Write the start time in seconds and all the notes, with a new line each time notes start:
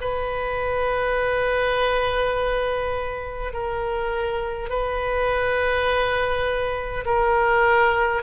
0.00 B4
3.52 A#4
4.69 B4
7.05 A#4